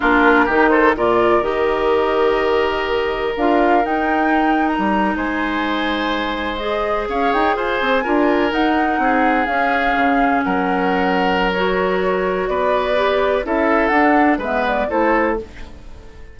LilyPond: <<
  \new Staff \with { instrumentName = "flute" } { \time 4/4 \tempo 4 = 125 ais'4. c''8 d''4 dis''4~ | dis''2. f''4 | g''4.~ g''16 ais''4 gis''4~ gis''16~ | gis''4.~ gis''16 dis''4 f''8 g''8 gis''16~ |
gis''4.~ gis''16 fis''2 f''16~ | f''4.~ f''16 fis''2~ fis''16 | cis''2 d''2 | e''4 fis''4 e''8 d''8 c''4 | }
  \new Staff \with { instrumentName = "oboe" } { \time 4/4 f'4 g'8 a'8 ais'2~ | ais'1~ | ais'2~ ais'8. c''4~ c''16~ | c''2~ c''8. cis''4 c''16~ |
c''8. ais'2 gis'4~ gis'16~ | gis'4.~ gis'16 ais'2~ ais'16~ | ais'2 b'2 | a'2 b'4 a'4 | }
  \new Staff \with { instrumentName = "clarinet" } { \time 4/4 d'4 dis'4 f'4 g'4~ | g'2. f'4 | dis'1~ | dis'4.~ dis'16 gis'2~ gis'16~ |
gis'8. f'4 dis'2 cis'16~ | cis'1 | fis'2. g'4 | e'4 d'4 b4 e'4 | }
  \new Staff \with { instrumentName = "bassoon" } { \time 4/4 ais4 dis4 ais,4 dis4~ | dis2. d'4 | dis'2 g8. gis4~ gis16~ | gis2~ gis8. cis'8 dis'8 f'16~ |
f'16 c'8 d'4 dis'4 c'4 cis'16~ | cis'8. cis4 fis2~ fis16~ | fis2 b2 | cis'4 d'4 gis4 a4 | }
>>